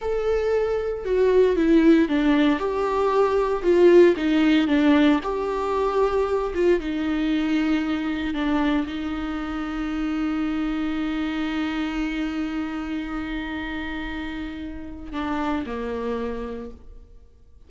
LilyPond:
\new Staff \with { instrumentName = "viola" } { \time 4/4 \tempo 4 = 115 a'2 fis'4 e'4 | d'4 g'2 f'4 | dis'4 d'4 g'2~ | g'8 f'8 dis'2. |
d'4 dis'2.~ | dis'1~ | dis'1~ | dis'4 d'4 ais2 | }